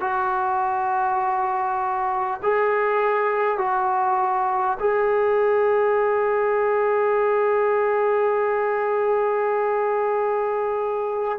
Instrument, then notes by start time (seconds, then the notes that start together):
trombone
0.00 F#4
2.42 G#4
3.57 F#4
4.79 G#4